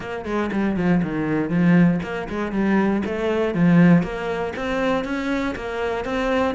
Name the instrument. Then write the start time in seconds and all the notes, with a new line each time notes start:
cello
0.00 A#3
0.25 G#3
0.52 G3
0.76 F3
1.02 D#3
1.49 F3
2.02 A#3
2.29 G#3
2.52 G3
3.05 A3
3.54 F3
4.02 A#3
4.56 C4
5.04 C#4
5.55 A#3
6.04 C4